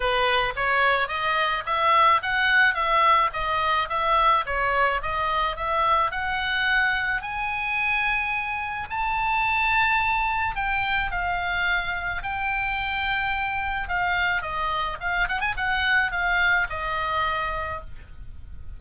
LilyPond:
\new Staff \with { instrumentName = "oboe" } { \time 4/4 \tempo 4 = 108 b'4 cis''4 dis''4 e''4 | fis''4 e''4 dis''4 e''4 | cis''4 dis''4 e''4 fis''4~ | fis''4 gis''2. |
a''2. g''4 | f''2 g''2~ | g''4 f''4 dis''4 f''8 fis''16 gis''16 | fis''4 f''4 dis''2 | }